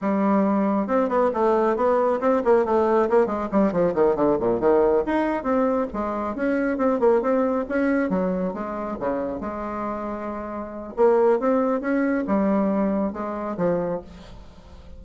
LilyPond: \new Staff \with { instrumentName = "bassoon" } { \time 4/4 \tempo 4 = 137 g2 c'8 b8 a4 | b4 c'8 ais8 a4 ais8 gis8 | g8 f8 dis8 d8 ais,8 dis4 dis'8~ | dis'8 c'4 gis4 cis'4 c'8 |
ais8 c'4 cis'4 fis4 gis8~ | gis8 cis4 gis2~ gis8~ | gis4 ais4 c'4 cis'4 | g2 gis4 f4 | }